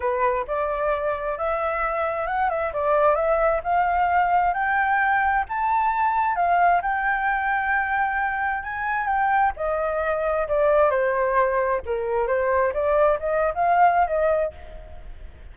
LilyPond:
\new Staff \with { instrumentName = "flute" } { \time 4/4 \tempo 4 = 132 b'4 d''2 e''4~ | e''4 fis''8 e''8 d''4 e''4 | f''2 g''2 | a''2 f''4 g''4~ |
g''2. gis''4 | g''4 dis''2 d''4 | c''2 ais'4 c''4 | d''4 dis''8. f''4~ f''16 dis''4 | }